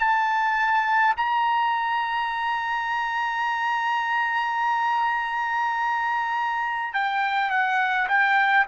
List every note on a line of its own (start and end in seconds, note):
0.00 1.15 A5
1.17 6.94 A#5
6.94 7.51 G5
7.51 8.08 F#5
8.09 8.66 G5